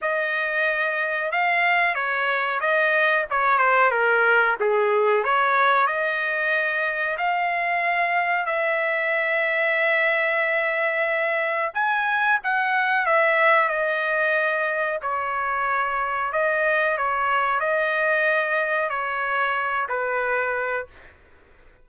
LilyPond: \new Staff \with { instrumentName = "trumpet" } { \time 4/4 \tempo 4 = 92 dis''2 f''4 cis''4 | dis''4 cis''8 c''8 ais'4 gis'4 | cis''4 dis''2 f''4~ | f''4 e''2.~ |
e''2 gis''4 fis''4 | e''4 dis''2 cis''4~ | cis''4 dis''4 cis''4 dis''4~ | dis''4 cis''4. b'4. | }